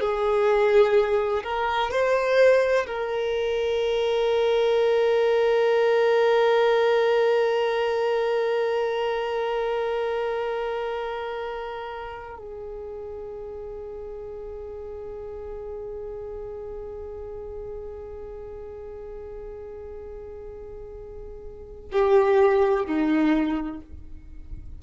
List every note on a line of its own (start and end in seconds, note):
0.00 1.43 G#4
1.43 1.91 A#4
1.91 2.86 C5
2.87 12.39 A#4
12.39 21.91 G#4
21.92 22.86 G4
22.86 23.81 D#4